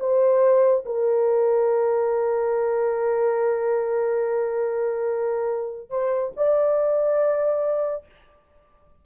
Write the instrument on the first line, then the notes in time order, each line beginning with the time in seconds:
horn
0.00 C5
0.85 A#4
5.90 C5
6.37 D5